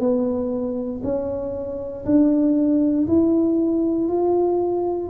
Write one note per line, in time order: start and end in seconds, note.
0.00 1.02 B3
1.04 2.06 C#4
2.06 3.07 D4
3.08 4.09 E4
4.09 5.10 F4